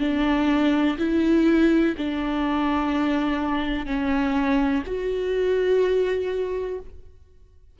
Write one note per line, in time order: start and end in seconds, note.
0.00 0.97 D4
0.99 1.95 E4
1.98 3.86 D4
3.86 4.83 C#4
4.86 6.80 F#4